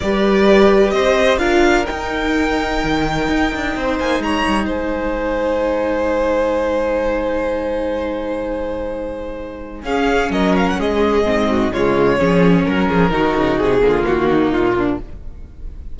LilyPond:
<<
  \new Staff \with { instrumentName = "violin" } { \time 4/4 \tempo 4 = 128 d''2 dis''4 f''4 | g''1~ | g''8 gis''8 ais''4 gis''2~ | gis''1~ |
gis''1~ | gis''4 f''4 dis''8 f''16 fis''16 dis''4~ | dis''4 cis''2 ais'4~ | ais'4 gis'4 fis'4 f'4 | }
  \new Staff \with { instrumentName = "violin" } { \time 4/4 b'2 c''4 ais'4~ | ais'1 | c''4 cis''4 c''2~ | c''1~ |
c''1~ | c''4 gis'4 ais'4 gis'4~ | gis'8 fis'8 f'4 gis'4 ais'8 gis'8 | fis'4. f'4 dis'4 d'8 | }
  \new Staff \with { instrumentName = "viola" } { \time 4/4 g'2. f'4 | dis'1~ | dis'1~ | dis'1~ |
dis'1~ | dis'4 cis'2. | c'4 gis4 cis'2 | dis'4. ais2~ ais8 | }
  \new Staff \with { instrumentName = "cello" } { \time 4/4 g2 c'4 d'4 | dis'2 dis4 dis'8 d'8 | c'8 ais8 gis8 g8 gis2~ | gis1~ |
gis1~ | gis4 cis'4 fis4 gis4 | gis,4 cis4 f4 fis8 f8 | dis8 cis8 c8 d8 dis4 ais,4 | }
>>